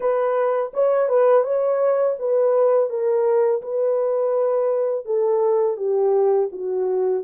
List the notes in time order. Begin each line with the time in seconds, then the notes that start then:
0.00 B4
0.73 C#5
1.08 B4
1.43 C#5
2.19 B4
2.89 A#4
3.61 B4
5.05 A4
5.76 G4
6.52 F#4